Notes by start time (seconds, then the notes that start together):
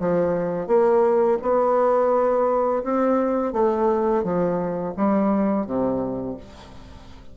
0.00 F3
0.67 A#3
1.42 B3
2.84 C4
3.53 A3
4.24 F3
4.97 G3
5.67 C3